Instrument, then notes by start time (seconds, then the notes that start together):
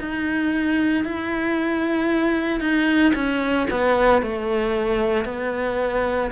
cello
0.00 D#4
1.05 E4
2.60 D#4
3.15 C#4
3.71 B3
4.22 A3
5.26 B3